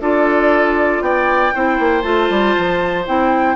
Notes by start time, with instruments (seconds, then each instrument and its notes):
0.00 bassoon D4, clarinet F4, oboe A4, flute D5
1.01 bassoon B3, oboe D5, flute G5
1.54 bassoon C4, clarinet E4, oboe C5
1.79 bassoon A#3
2.02 bassoon A3, clarinet F4, flute A5
2.30 bassoon G3
2.57 bassoon F3
3.06 bassoon C4, clarinet E4, flute G5